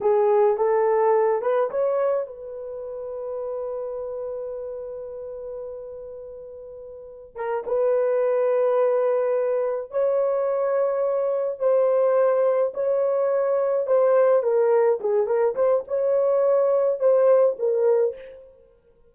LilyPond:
\new Staff \with { instrumentName = "horn" } { \time 4/4 \tempo 4 = 106 gis'4 a'4. b'8 cis''4 | b'1~ | b'1~ | b'4 ais'8 b'2~ b'8~ |
b'4. cis''2~ cis''8~ | cis''8 c''2 cis''4.~ | cis''8 c''4 ais'4 gis'8 ais'8 c''8 | cis''2 c''4 ais'4 | }